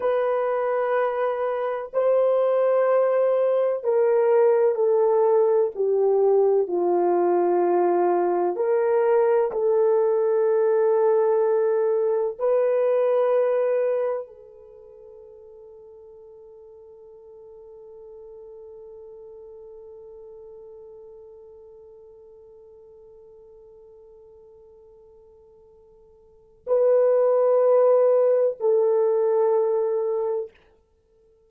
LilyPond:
\new Staff \with { instrumentName = "horn" } { \time 4/4 \tempo 4 = 63 b'2 c''2 | ais'4 a'4 g'4 f'4~ | f'4 ais'4 a'2~ | a'4 b'2 a'4~ |
a'1~ | a'1~ | a'1 | b'2 a'2 | }